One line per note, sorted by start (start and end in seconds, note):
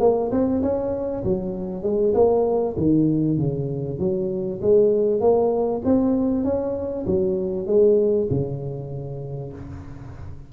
0.00 0.31 A#3
0.31 0.62 C4
0.62 1.24 C#4
1.24 1.83 F#3
1.83 2.14 G#3
2.14 2.76 A#3
2.77 3.38 D#3
3.38 3.99 C#3
3.99 4.60 F#3
4.62 5.21 G#3
5.21 5.82 A#3
5.85 6.45 C4
6.45 7.06 C#4
7.06 7.67 F#3
7.67 8.28 G#3
8.30 9.53 C#3